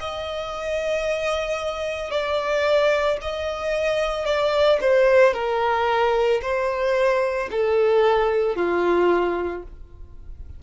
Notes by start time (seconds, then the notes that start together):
0.00 D#5
2.10 D5
3.21 D#5
4.26 D5
4.81 C5
5.34 A#4
6.41 C5
7.50 A4
8.56 F4